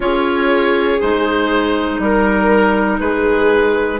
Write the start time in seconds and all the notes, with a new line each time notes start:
0.00 C#4 F4 G#4 C#5
1.00 G#3 D#4 C5
1.98 G3 A#4
2.99 G#3 G#4 B4